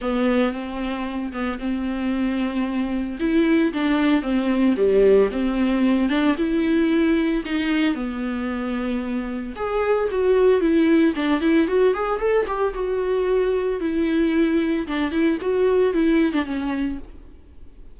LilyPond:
\new Staff \with { instrumentName = "viola" } { \time 4/4 \tempo 4 = 113 b4 c'4. b8 c'4~ | c'2 e'4 d'4 | c'4 g4 c'4. d'8 | e'2 dis'4 b4~ |
b2 gis'4 fis'4 | e'4 d'8 e'8 fis'8 gis'8 a'8 g'8 | fis'2 e'2 | d'8 e'8 fis'4 e'8. d'16 cis'4 | }